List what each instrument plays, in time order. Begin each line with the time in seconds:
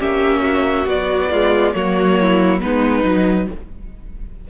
0.00 cello A#3, viola C#4, violin G4 E5
0.42 violin F#4
0.86 viola F#3, cello B3, violin D5
1.31 viola G#3, violin F4
1.73 cello F#3, viola A#3, violin F#4 C#5
2.21 violin E4
2.61 cello G#3, viola B3, violin D#4 B4
3.04 cello F#3, viola D#4